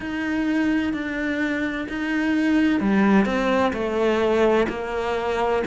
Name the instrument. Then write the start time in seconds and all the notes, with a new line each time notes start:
cello
0.00 D#4
0.93 D4
1.88 D#4
2.80 G3
3.25 C4
3.73 A3
4.69 A#3